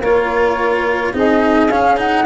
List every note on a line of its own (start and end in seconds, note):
0.00 1.12 A#3
0.00 1.14 F4
0.00 1.13 A#4
0.00 1.15 C#5
1.14 1.69 C4
1.14 1.70 D#4
1.14 2.26 G#4
1.14 1.70 D#5
1.69 2.25 C#4
1.69 1.97 C#4
1.69 1.98 F5
1.97 2.25 D#4
1.97 2.26 F#5